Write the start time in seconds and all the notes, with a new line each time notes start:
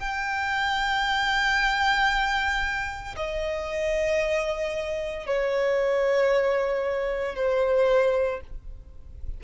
0.00 G5
3.16 D#5
5.27 C#5
7.36 C5